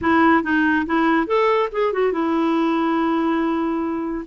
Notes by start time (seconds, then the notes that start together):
0.01 E4
0.43 D#4
0.86 E4
1.26 A4
1.71 G#4
1.92 F#4
2.12 E4